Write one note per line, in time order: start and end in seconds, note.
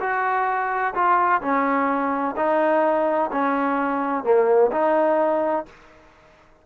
0.00 0.94 F#4
0.94 1.41 F4
1.41 2.35 C#4
2.36 3.30 D#4
3.31 4.24 C#4
4.24 4.71 A#3
4.72 5.65 D#4